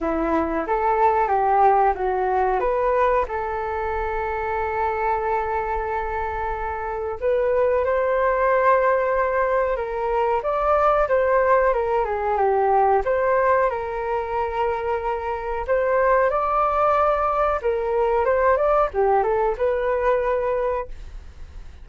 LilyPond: \new Staff \with { instrumentName = "flute" } { \time 4/4 \tempo 4 = 92 e'4 a'4 g'4 fis'4 | b'4 a'2.~ | a'2. b'4 | c''2. ais'4 |
d''4 c''4 ais'8 gis'8 g'4 | c''4 ais'2. | c''4 d''2 ais'4 | c''8 d''8 g'8 a'8 b'2 | }